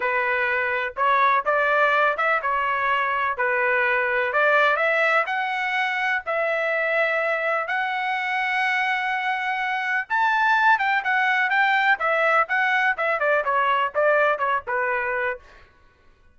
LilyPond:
\new Staff \with { instrumentName = "trumpet" } { \time 4/4 \tempo 4 = 125 b'2 cis''4 d''4~ | d''8 e''8 cis''2 b'4~ | b'4 d''4 e''4 fis''4~ | fis''4 e''2. |
fis''1~ | fis''4 a''4. g''8 fis''4 | g''4 e''4 fis''4 e''8 d''8 | cis''4 d''4 cis''8 b'4. | }